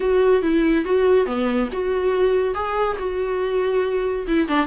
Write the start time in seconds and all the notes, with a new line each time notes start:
0.00 F#4
0.42 E4
0.84 F#4
1.26 B3
1.72 F#4
2.54 G#4
2.98 F#4
4.27 E4
4.48 D4